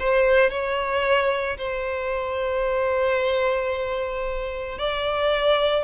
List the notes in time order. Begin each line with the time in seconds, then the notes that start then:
0.00 C5
0.50 C#5
1.58 C5
4.79 D5